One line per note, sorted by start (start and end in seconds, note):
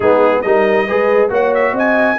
0.00 0.40 G#3
0.00 0.44 B3
0.00 0.42 D#4
0.00 0.41 G#4
0.41 0.88 G3
0.41 0.87 D#4
0.41 0.87 A#4
0.41 1.29 D#5
0.87 1.29 G#3
0.87 1.29 G#4
0.87 1.30 B4
1.29 1.72 A#3
1.29 2.17 F#4
1.29 1.73 C#5
1.29 1.54 F#5
1.54 1.76 E5
1.72 2.16 C4
1.72 2.17 D#5
1.78 2.19 G#5